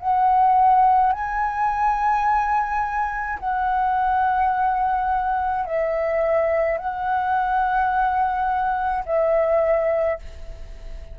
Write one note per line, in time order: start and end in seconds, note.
0.00 1.13 F#5
1.13 3.39 G#5
3.40 5.66 F#5
5.66 6.78 E5
6.78 9.05 F#5
9.06 10.19 E5